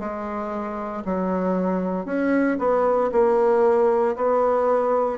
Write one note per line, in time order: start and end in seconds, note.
0.00 1.03 G#3
1.05 2.06 F#3
2.06 2.58 C#4
2.59 3.11 B3
3.13 4.16 A#3
4.16 5.19 B3